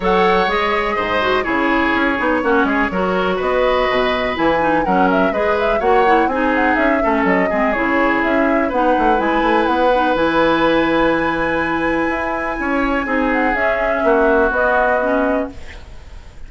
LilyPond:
<<
  \new Staff \with { instrumentName = "flute" } { \time 4/4 \tempo 4 = 124 fis''4 dis''2 cis''4~ | cis''2. dis''4~ | dis''4 gis''4 fis''8 e''8 dis''8 e''8 | fis''4 gis''8 fis''8 e''4 dis''4 |
cis''4 e''4 fis''4 gis''4 | fis''4 gis''2.~ | gis''2.~ gis''8 fis''8 | e''2 dis''2 | }
  \new Staff \with { instrumentName = "oboe" } { \time 4/4 cis''2 c''4 gis'4~ | gis'4 fis'8 gis'8 ais'4 b'4~ | b'2 ais'4 b'4 | cis''4 gis'4. a'4 gis'8~ |
gis'2 b'2~ | b'1~ | b'2 cis''4 gis'4~ | gis'4 fis'2. | }
  \new Staff \with { instrumentName = "clarinet" } { \time 4/4 a'4 gis'4. fis'8 e'4~ | e'8 dis'8 cis'4 fis'2~ | fis'4 e'8 dis'8 cis'4 gis'4 | fis'8 e'8 dis'4. cis'4 c'8 |
e'2 dis'4 e'4~ | e'8 dis'8 e'2.~ | e'2. dis'4 | cis'2 b4 cis'4 | }
  \new Staff \with { instrumentName = "bassoon" } { \time 4/4 fis4 gis4 gis,4 cis4 | cis'8 b8 ais8 gis8 fis4 b4 | b,4 e4 fis4 gis4 | ais4 c'4 cis'8 a8 fis8 gis8 |
cis4 cis'4 b8 a8 gis8 a8 | b4 e2.~ | e4 e'4 cis'4 c'4 | cis'4 ais4 b2 | }
>>